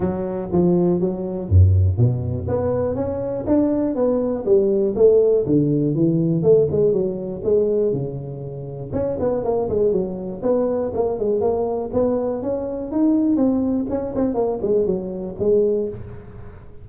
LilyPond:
\new Staff \with { instrumentName = "tuba" } { \time 4/4 \tempo 4 = 121 fis4 f4 fis4 fis,4 | b,4 b4 cis'4 d'4 | b4 g4 a4 d4 | e4 a8 gis8 fis4 gis4 |
cis2 cis'8 b8 ais8 gis8 | fis4 b4 ais8 gis8 ais4 | b4 cis'4 dis'4 c'4 | cis'8 c'8 ais8 gis8 fis4 gis4 | }